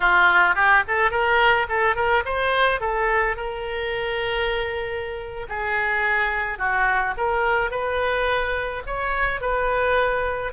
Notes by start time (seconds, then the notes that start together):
0.00 F4
0.55 G4
0.87 A4
1.10 A#4
1.68 A4
1.95 A#4
2.25 C5
2.80 A4
3.36 A#4
5.49 G#4
6.58 F#4
7.17 A#4
7.71 B4
8.86 C#5
9.41 B4